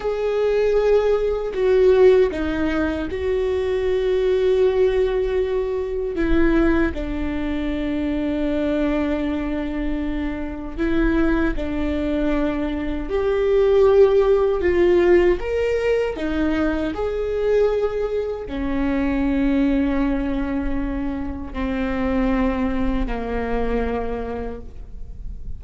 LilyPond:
\new Staff \with { instrumentName = "viola" } { \time 4/4 \tempo 4 = 78 gis'2 fis'4 dis'4 | fis'1 | e'4 d'2.~ | d'2 e'4 d'4~ |
d'4 g'2 f'4 | ais'4 dis'4 gis'2 | cis'1 | c'2 ais2 | }